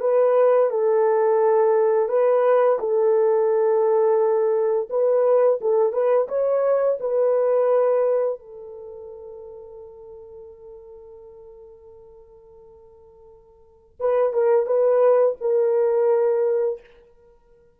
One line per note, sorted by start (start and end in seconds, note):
0.00 0.70 B4
0.70 2.08 A4
2.08 2.78 B4
2.79 4.88 A4
4.89 5.59 B4
5.61 5.92 A4
5.92 6.27 B4
6.28 6.98 C#5
7.00 8.39 B4
8.39 13.97 A4
13.99 14.33 B4
14.33 14.66 A#4
14.66 15.36 B4
15.40 16.80 A#4